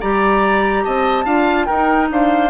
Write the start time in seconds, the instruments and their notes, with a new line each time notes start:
0.00 bassoon G3, clarinet G4, oboe D5, flute A#5
0.84 bassoon C4, oboe D#5, flute A5
1.24 bassoon D4, clarinet F4, oboe F5
1.66 bassoon D#4, clarinet D#4, oboe A#4, flute G5
2.10 bassoon D4, oboe C5, flute F5